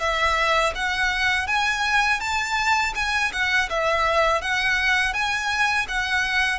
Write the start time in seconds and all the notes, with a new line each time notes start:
0.00 E5
0.75 F#5
1.47 G#5
2.21 A5
2.95 G#5
3.33 F#5
3.70 E5
4.42 F#5
5.13 G#5
5.88 F#5